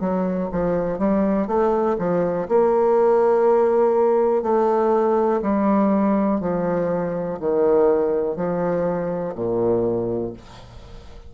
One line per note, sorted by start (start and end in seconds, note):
0.00 0.49 F#3
0.52 0.99 F3
0.99 1.48 G3
1.48 1.97 A3
1.99 2.48 F3
2.49 4.43 A#3
4.43 5.41 A3
5.42 6.41 G3
6.41 7.39 F3
7.40 8.36 D#3
8.36 9.34 F3
9.35 10.33 A#2